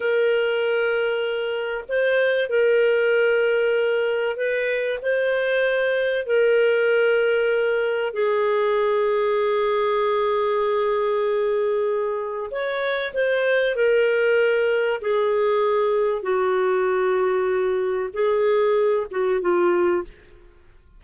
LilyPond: \new Staff \with { instrumentName = "clarinet" } { \time 4/4 \tempo 4 = 96 ais'2. c''4 | ais'2. b'4 | c''2 ais'2~ | ais'4 gis'2.~ |
gis'1 | cis''4 c''4 ais'2 | gis'2 fis'2~ | fis'4 gis'4. fis'8 f'4 | }